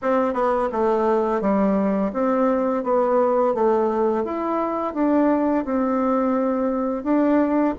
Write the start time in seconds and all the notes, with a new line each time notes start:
0.02 C4
0.33 B3
0.72 A3
1.41 G3
2.12 C4
2.83 B3
3.54 A3
4.24 E4
4.94 D4
5.64 C4
7.03 D4